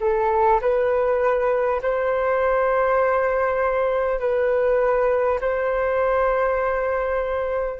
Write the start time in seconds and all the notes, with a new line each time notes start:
0.00 A4
0.61 B4
1.82 C5
4.19 B4
5.40 C5